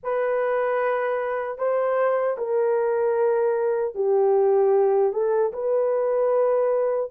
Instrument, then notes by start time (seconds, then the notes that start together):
horn
0.03 B4
1.58 C5
2.37 A#4
3.94 G4
5.12 A4
5.53 B4